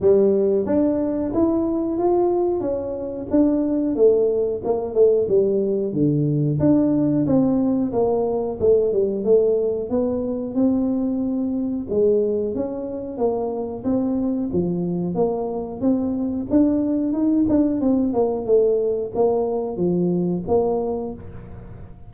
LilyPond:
\new Staff \with { instrumentName = "tuba" } { \time 4/4 \tempo 4 = 91 g4 d'4 e'4 f'4 | cis'4 d'4 a4 ais8 a8 | g4 d4 d'4 c'4 | ais4 a8 g8 a4 b4 |
c'2 gis4 cis'4 | ais4 c'4 f4 ais4 | c'4 d'4 dis'8 d'8 c'8 ais8 | a4 ais4 f4 ais4 | }